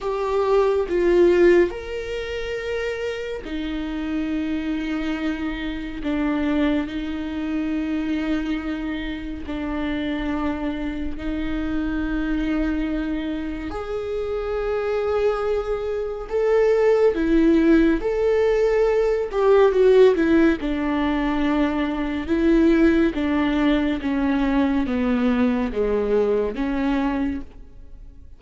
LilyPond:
\new Staff \with { instrumentName = "viola" } { \time 4/4 \tempo 4 = 70 g'4 f'4 ais'2 | dis'2. d'4 | dis'2. d'4~ | d'4 dis'2. |
gis'2. a'4 | e'4 a'4. g'8 fis'8 e'8 | d'2 e'4 d'4 | cis'4 b4 gis4 cis'4 | }